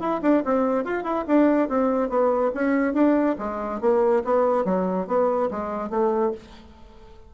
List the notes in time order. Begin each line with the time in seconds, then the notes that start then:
0.00 E4
0.22 D4
0.45 C4
0.85 F4
1.04 E4
1.28 D4
1.69 C4
2.10 B3
2.55 C#4
2.94 D4
3.39 G#3
3.81 A#3
4.25 B3
4.65 F#3
5.08 B3
5.51 G#3
5.90 A3